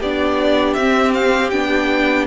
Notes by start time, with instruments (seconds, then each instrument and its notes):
0.00 cello B3, viola D4, violin G4 D5
0.74 cello C4, viola C4, violin E5
1.14 violin F5
1.50 cello B3, viola D4, violin G5